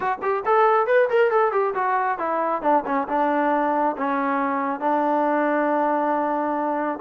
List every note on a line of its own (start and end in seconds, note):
0.00 0.18 F#4
0.21 0.43 G4
0.45 0.87 A4
0.87 1.08 B4
1.09 1.30 A#4
1.30 1.52 A4
1.52 1.74 G4
1.74 2.18 F#4
2.18 2.62 E4
2.62 2.83 D4
2.85 3.07 C#4
3.08 3.96 D4
3.97 4.80 C#4
4.80 6.99 D4